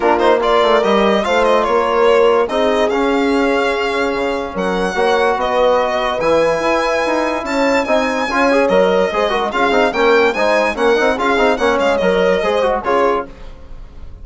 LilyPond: <<
  \new Staff \with { instrumentName = "violin" } { \time 4/4 \tempo 4 = 145 ais'8 c''8 d''4 dis''4 f''8 dis''8 | cis''2 dis''4 f''4~ | f''2. fis''4~ | fis''4 dis''2 gis''4~ |
gis''2 a''4 gis''4~ | gis''4 dis''2 f''4 | g''4 gis''4 fis''4 f''4 | fis''8 f''8 dis''2 cis''4 | }
  \new Staff \with { instrumentName = "horn" } { \time 4/4 f'4 ais'2 c''4 | ais'2 gis'2~ | gis'2. ais'4 | cis''4 b'2.~ |
b'2 cis''4 dis''4 | cis''2 c''8 ais'8 gis'4 | ais'4 c''4 ais'4 gis'4 | cis''2 c''4 gis'4 | }
  \new Staff \with { instrumentName = "trombone" } { \time 4/4 d'8 dis'8 f'4 g'4 f'4~ | f'2 dis'4 cis'4~ | cis'1 | fis'2. e'4~ |
e'2. dis'4 | f'8 gis'8 ais'4 gis'8 fis'8 f'8 dis'8 | cis'4 dis'4 cis'8 dis'8 f'8 dis'8 | cis'4 ais'4 gis'8 fis'8 f'4 | }
  \new Staff \with { instrumentName = "bassoon" } { \time 4/4 ais4. a8 g4 a4 | ais2 c'4 cis'4~ | cis'2 cis4 fis4 | ais4 b2 e4 |
e'4 dis'4 cis'4 c'4 | cis'4 fis4 gis4 cis'8 c'8 | ais4 gis4 ais8 c'8 cis'8 c'8 | ais8 gis8 fis4 gis4 cis4 | }
>>